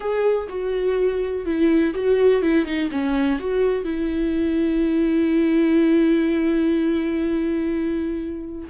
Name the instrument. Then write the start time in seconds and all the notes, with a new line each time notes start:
viola
0.00 G#4
0.48 F#4
1.45 E4
1.94 F#4
2.41 E4
2.65 D#4
2.91 C#4
3.39 F#4
3.84 E4